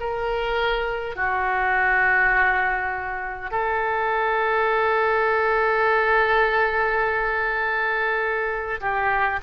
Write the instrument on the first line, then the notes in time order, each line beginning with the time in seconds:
oboe
0.00 A#4
1.16 F#4
3.51 A4
8.81 G4